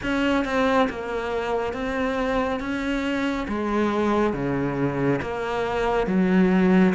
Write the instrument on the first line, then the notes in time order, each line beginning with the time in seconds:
cello
0.02 C#4
0.45 C4
0.89 A#3
1.73 C4
2.59 C#4
3.48 G#3
4.33 C#3
5.21 A#3
6.07 F#3